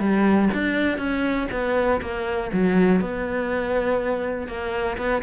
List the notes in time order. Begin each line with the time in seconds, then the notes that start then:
0.00 G3
0.54 D4
0.98 C#4
1.51 B3
2.01 A#3
2.53 F#3
3.01 B3
4.48 A#3
4.98 B3